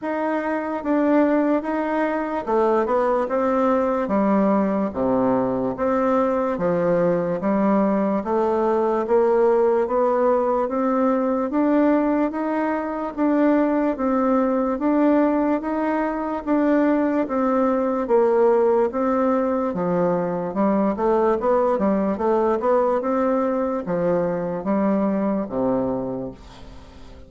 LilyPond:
\new Staff \with { instrumentName = "bassoon" } { \time 4/4 \tempo 4 = 73 dis'4 d'4 dis'4 a8 b8 | c'4 g4 c4 c'4 | f4 g4 a4 ais4 | b4 c'4 d'4 dis'4 |
d'4 c'4 d'4 dis'4 | d'4 c'4 ais4 c'4 | f4 g8 a8 b8 g8 a8 b8 | c'4 f4 g4 c4 | }